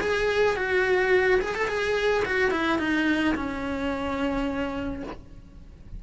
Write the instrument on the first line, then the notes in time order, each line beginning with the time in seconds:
cello
0.00 G#4
0.56 F#4
1.40 G#4
1.55 A4
1.67 G#4
2.25 F#4
2.51 E4
2.78 D#4
3.34 C#4